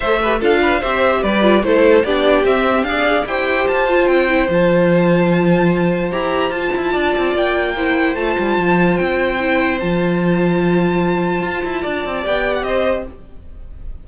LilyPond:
<<
  \new Staff \with { instrumentName = "violin" } { \time 4/4 \tempo 4 = 147 e''4 f''4 e''4 d''4 | c''4 d''4 e''4 f''4 | g''4 a''4 g''4 a''4~ | a''2. ais''4 |
a''2 g''2 | a''2 g''2 | a''1~ | a''2 g''8. fis''16 dis''4 | }
  \new Staff \with { instrumentName = "violin" } { \time 4/4 c''8 b'8 a'8 b'8 c''4 b'4 | a'4 g'2 d''4 | c''1~ | c''1~ |
c''4 d''2 c''4~ | c''1~ | c''1~ | c''4 d''2 c''4 | }
  \new Staff \with { instrumentName = "viola" } { \time 4/4 a'8 g'8 f'4 g'4. f'8 | e'4 d'4 c'4 gis'4 | g'4. f'4 e'8 f'4~ | f'2. g'4 |
f'2. e'4 | f'2. e'4 | f'1~ | f'2 g'2 | }
  \new Staff \with { instrumentName = "cello" } { \time 4/4 a4 d'4 c'4 g4 | a4 b4 c'4 d'4 | e'4 f'4 c'4 f4~ | f2. e'4 |
f'8 e'8 d'8 c'8 ais2 | a8 g8 f4 c'2 | f1 | f'8 e'8 d'8 c'8 b4 c'4 | }
>>